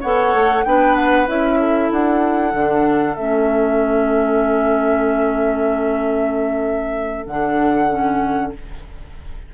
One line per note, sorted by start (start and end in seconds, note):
0.00 0.33 B3
0.00 0.64 A4
0.00 0.63 C#5
0.00 0.64 F#5
0.33 0.65 A3
0.64 1.27 B3
0.64 1.27 D4
0.64 1.59 B4
0.64 0.95 G5
0.95 1.27 F#5
1.27 1.90 C#4
1.27 2.53 E4
1.27 1.91 E5
1.59 8.54 A4
1.91 2.53 D4
1.91 3.15 F#5
2.53 3.16 D3
2.53 3.17 D4
3.15 7.26 A3
3.15 7.27 C#4
3.15 7.25 E5
7.26 8.53 D3
7.26 7.90 D4
7.26 8.52 F#5
7.90 8.53 C#4